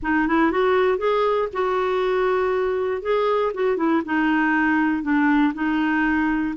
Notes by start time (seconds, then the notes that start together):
0.02 D#4
0.27 E4
0.51 F#4
0.98 G#4
1.52 F#4
3.02 G#4
3.54 F#4
3.77 E4
4.05 D#4
5.03 D4
5.53 D#4